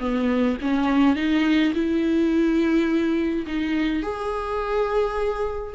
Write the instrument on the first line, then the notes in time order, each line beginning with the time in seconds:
viola
0.00 B3
0.61 C#4
1.16 D#4
1.74 E4
3.47 D#4
4.03 G#4